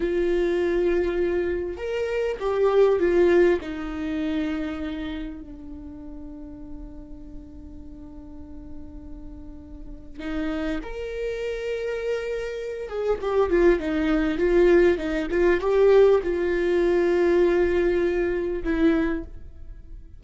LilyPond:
\new Staff \with { instrumentName = "viola" } { \time 4/4 \tempo 4 = 100 f'2. ais'4 | g'4 f'4 dis'2~ | dis'4 d'2.~ | d'1~ |
d'4 dis'4 ais'2~ | ais'4. gis'8 g'8 f'8 dis'4 | f'4 dis'8 f'8 g'4 f'4~ | f'2. e'4 | }